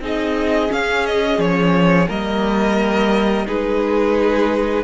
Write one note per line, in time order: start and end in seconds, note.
0.00 0.69 C4
0.00 0.68 D#4
0.00 2.08 G#4
0.00 0.72 D#5
0.68 2.06 C#4
0.68 1.38 C#4
0.68 1.06 F5
1.06 1.40 D#5
1.38 2.07 F3
1.38 2.09 C#5
2.07 3.47 G3
2.07 3.45 A#3
2.07 3.46 A#4
2.07 3.47 D#5
3.46 4.84 G#3
3.46 4.84 D#4
3.46 4.84 G#4
3.46 4.84 B4